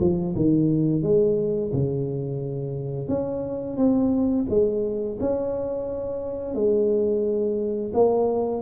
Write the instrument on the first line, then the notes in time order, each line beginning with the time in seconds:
tuba
0.00 F3
0.36 D#3
1.02 G#3
1.73 C#3
3.08 C#4
3.77 C4
4.49 G#3
5.20 C#4
6.54 G#3
7.93 A#3